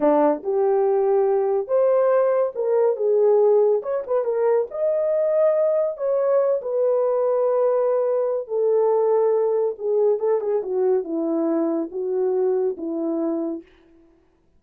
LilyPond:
\new Staff \with { instrumentName = "horn" } { \time 4/4 \tempo 4 = 141 d'4 g'2. | c''2 ais'4 gis'4~ | gis'4 cis''8 b'8 ais'4 dis''4~ | dis''2 cis''4. b'8~ |
b'1 | a'2. gis'4 | a'8 gis'8 fis'4 e'2 | fis'2 e'2 | }